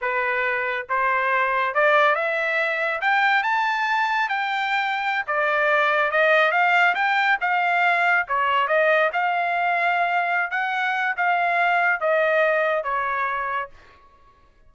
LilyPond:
\new Staff \with { instrumentName = "trumpet" } { \time 4/4 \tempo 4 = 140 b'2 c''2 | d''4 e''2 g''4 | a''2 g''2~ | g''16 d''2 dis''4 f''8.~ |
f''16 g''4 f''2 cis''8.~ | cis''16 dis''4 f''2~ f''8.~ | f''8 fis''4. f''2 | dis''2 cis''2 | }